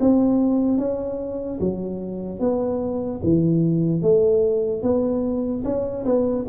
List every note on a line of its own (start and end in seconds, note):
0.00 0.78 C4
0.78 1.59 C#4
1.60 2.40 F#3
2.40 3.21 B3
3.23 4.02 E3
4.02 4.82 A3
4.82 5.64 B3
5.64 6.05 C#4
6.05 6.46 B3